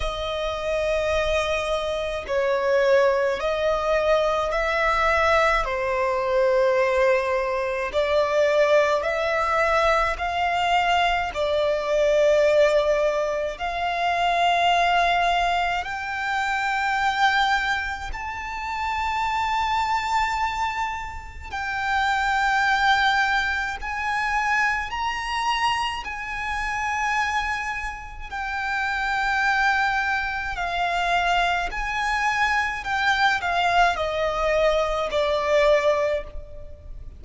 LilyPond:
\new Staff \with { instrumentName = "violin" } { \time 4/4 \tempo 4 = 53 dis''2 cis''4 dis''4 | e''4 c''2 d''4 | e''4 f''4 d''2 | f''2 g''2 |
a''2. g''4~ | g''4 gis''4 ais''4 gis''4~ | gis''4 g''2 f''4 | gis''4 g''8 f''8 dis''4 d''4 | }